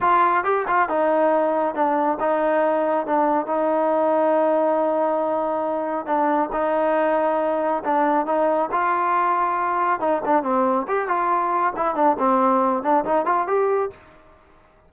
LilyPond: \new Staff \with { instrumentName = "trombone" } { \time 4/4 \tempo 4 = 138 f'4 g'8 f'8 dis'2 | d'4 dis'2 d'4 | dis'1~ | dis'2 d'4 dis'4~ |
dis'2 d'4 dis'4 | f'2. dis'8 d'8 | c'4 g'8 f'4. e'8 d'8 | c'4. d'8 dis'8 f'8 g'4 | }